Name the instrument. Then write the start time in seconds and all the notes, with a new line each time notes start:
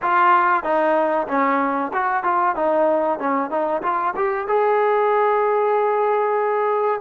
trombone
0.02 F4
0.63 D#4
1.27 C#4
1.93 F#4
2.23 F4
2.55 D#4
3.19 C#4
3.50 D#4
3.82 F4
4.16 G4
4.47 G#4